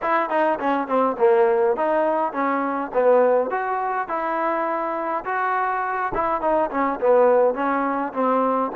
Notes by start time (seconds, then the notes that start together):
0.02 E4
0.29 D#4
0.59 C#4
0.87 C4
1.18 A#3
1.76 D#4
2.32 C#4
2.93 B3
3.50 F#4
4.08 E4
5.25 F#4
6.14 E4
6.41 D#4
6.70 C#4
7.00 B3
7.54 C#4
8.13 C4